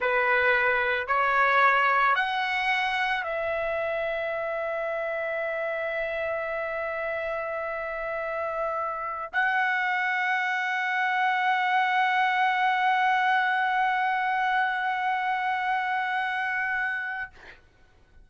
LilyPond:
\new Staff \with { instrumentName = "trumpet" } { \time 4/4 \tempo 4 = 111 b'2 cis''2 | fis''2 e''2~ | e''1~ | e''1~ |
e''4~ e''16 fis''2~ fis''8.~ | fis''1~ | fis''1~ | fis''1 | }